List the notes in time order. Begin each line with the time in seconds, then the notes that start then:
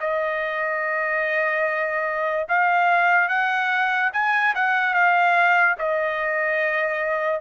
0.00 D#5
2.48 F5
3.28 F#5
4.13 G#5
4.55 F#5
4.94 F5
5.78 D#5